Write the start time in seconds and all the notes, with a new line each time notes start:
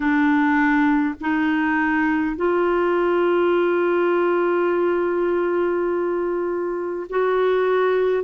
0.00 D4
1.21 D#4
2.36 F4
7.09 F#4